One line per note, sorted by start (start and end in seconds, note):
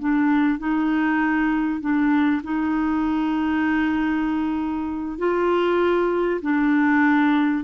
0.00 0.59 D4
0.59 1.81 D#4
1.81 2.42 D4
2.44 5.19 D#4
5.19 6.41 F4
6.42 7.64 D4